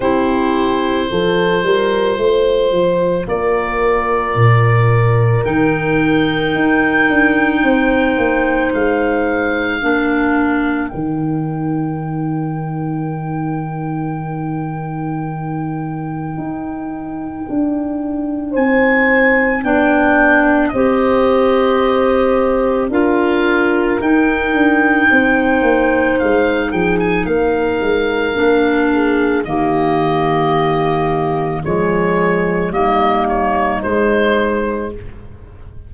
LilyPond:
<<
  \new Staff \with { instrumentName = "oboe" } { \time 4/4 \tempo 4 = 55 c''2. d''4~ | d''4 g''2. | f''2 g''2~ | g''1~ |
g''4 gis''4 g''4 dis''4~ | dis''4 f''4 g''2 | f''8 g''16 gis''16 f''2 dis''4~ | dis''4 cis''4 dis''8 cis''8 c''4 | }
  \new Staff \with { instrumentName = "horn" } { \time 4/4 g'4 a'8 ais'8 c''4 ais'4~ | ais'2. c''4~ | c''4 ais'2.~ | ais'1~ |
ais'4 c''4 d''4 c''4~ | c''4 ais'2 c''4~ | c''8 gis'8 ais'4. gis'8 g'4~ | g'4 gis'4 dis'2 | }
  \new Staff \with { instrumentName = "clarinet" } { \time 4/4 e'4 f'2.~ | f'4 dis'2.~ | dis'4 d'4 dis'2~ | dis'1~ |
dis'2 d'4 g'4~ | g'4 f'4 dis'2~ | dis'2 d'4 ais4~ | ais4 gis4 ais4 gis4 | }
  \new Staff \with { instrumentName = "tuba" } { \time 4/4 c'4 f8 g8 a8 f8 ais4 | ais,4 dis4 dis'8 d'8 c'8 ais8 | gis4 ais4 dis2~ | dis2. dis'4 |
d'4 c'4 b4 c'4~ | c'4 d'4 dis'8 d'8 c'8 ais8 | gis8 f8 ais8 gis8 ais4 dis4~ | dis4 f4 g4 gis4 | }
>>